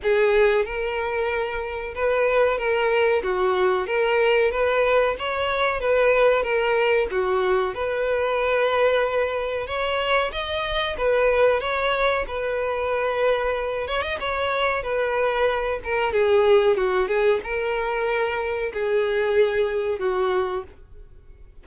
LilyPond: \new Staff \with { instrumentName = "violin" } { \time 4/4 \tempo 4 = 93 gis'4 ais'2 b'4 | ais'4 fis'4 ais'4 b'4 | cis''4 b'4 ais'4 fis'4 | b'2. cis''4 |
dis''4 b'4 cis''4 b'4~ | b'4. cis''16 dis''16 cis''4 b'4~ | b'8 ais'8 gis'4 fis'8 gis'8 ais'4~ | ais'4 gis'2 fis'4 | }